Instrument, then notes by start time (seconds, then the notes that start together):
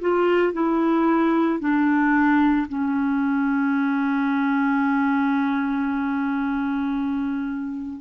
clarinet
0.00 F4
0.53 E4
1.59 D4
2.68 C#4